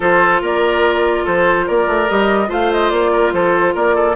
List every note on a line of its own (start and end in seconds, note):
0.00 0.41 F3
0.00 2.07 F4
0.00 0.41 A4
0.00 0.42 C5
0.41 1.25 A#3
0.41 1.23 A#4
0.41 1.26 D5
1.23 1.68 F3
1.23 1.65 A4
1.23 1.68 C5
1.66 1.87 A#3
1.66 2.48 A#4
1.66 2.09 D5
1.87 2.08 A3
2.08 2.49 G3
2.08 2.47 G4
2.08 2.51 D#5
2.47 2.90 A3
2.47 4.14 F4
2.47 3.11 C5
2.47 2.72 F5
2.72 2.90 D#5
2.90 3.32 A#3
2.90 3.32 D5
3.11 3.32 A#4
3.32 3.74 F3
3.32 3.74 A4
3.32 3.75 C5
3.74 4.16 A#3
3.74 3.95 A#4
3.74 4.16 D5
3.95 4.15 A4